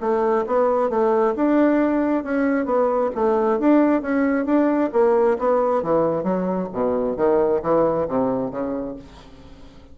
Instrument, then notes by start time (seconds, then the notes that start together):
bassoon
0.00 A3
0.46 B3
0.89 A3
1.35 D4
2.23 C#4
2.65 B3
3.15 A3
3.59 D4
4.02 C#4
4.45 D4
4.92 A#3
5.38 B3
5.82 E3
6.23 F#3
6.72 B2
7.16 D#3
7.62 E3
8.08 C3
8.51 C#3